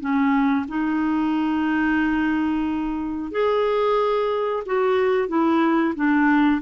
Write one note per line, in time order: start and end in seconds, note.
0.00 0.66 C#4
0.68 3.31 D#4
3.31 4.63 G#4
4.66 5.28 F#4
5.28 5.94 E4
5.96 6.61 D4